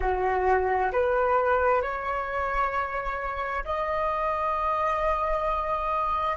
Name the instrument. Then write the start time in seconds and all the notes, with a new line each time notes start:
flute
0.00 F#4
0.92 B4
1.82 C#5
3.64 D#5